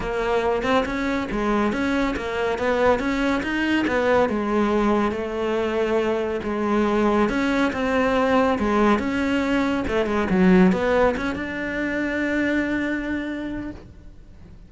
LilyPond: \new Staff \with { instrumentName = "cello" } { \time 4/4 \tempo 4 = 140 ais4. c'8 cis'4 gis4 | cis'4 ais4 b4 cis'4 | dis'4 b4 gis2 | a2. gis4~ |
gis4 cis'4 c'2 | gis4 cis'2 a8 gis8 | fis4 b4 cis'8 d'4.~ | d'1 | }